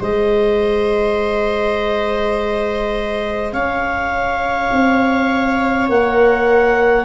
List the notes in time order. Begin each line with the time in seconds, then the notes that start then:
0.00 G#3 G#4 C5 D#5
3.53 C#4 C#5 F5
4.73 C4
5.89 A#3 A#4 F#5